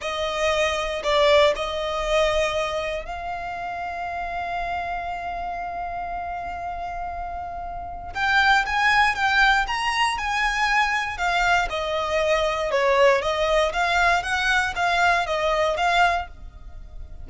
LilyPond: \new Staff \with { instrumentName = "violin" } { \time 4/4 \tempo 4 = 118 dis''2 d''4 dis''4~ | dis''2 f''2~ | f''1~ | f''1 |
g''4 gis''4 g''4 ais''4 | gis''2 f''4 dis''4~ | dis''4 cis''4 dis''4 f''4 | fis''4 f''4 dis''4 f''4 | }